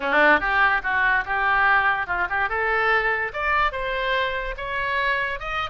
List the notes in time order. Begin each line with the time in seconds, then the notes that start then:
0.00 D4
0.40 G4
0.83 F#4
1.25 G4
2.07 F4
2.29 G4
2.49 A4
3.33 D5
3.71 C5
4.57 C#5
5.39 D#5